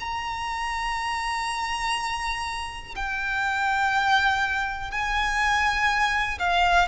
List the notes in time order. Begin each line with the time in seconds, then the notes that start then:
0.00 A#5
2.96 G5
4.91 G#5
6.39 F5